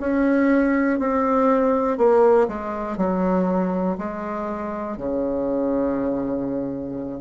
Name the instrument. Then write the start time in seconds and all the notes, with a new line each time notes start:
bassoon
0.00 C#4
0.99 C4
1.97 A#3
2.48 G#3
2.97 F#3
3.98 G#3
4.97 C#3